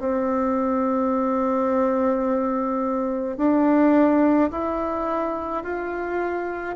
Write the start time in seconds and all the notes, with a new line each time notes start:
0.00 C4
3.38 D4
4.51 E4
5.64 F4